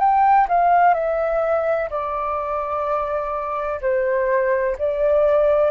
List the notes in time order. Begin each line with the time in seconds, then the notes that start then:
0.00 G5
0.49 F5
0.94 E5
1.90 D5
3.82 C5
4.79 D5